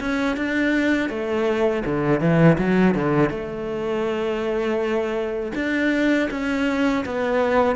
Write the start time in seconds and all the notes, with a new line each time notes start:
0.00 C#4
0.37 D4
1.10 A3
1.86 D3
2.21 E3
2.59 F#3
2.95 D3
3.30 A3
5.55 D4
6.31 C#4
7.06 B3